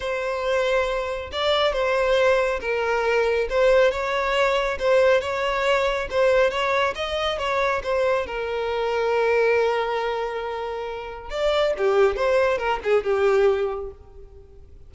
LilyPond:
\new Staff \with { instrumentName = "violin" } { \time 4/4 \tempo 4 = 138 c''2. d''4 | c''2 ais'2 | c''4 cis''2 c''4 | cis''2 c''4 cis''4 |
dis''4 cis''4 c''4 ais'4~ | ais'1~ | ais'2 d''4 g'4 | c''4 ais'8 gis'8 g'2 | }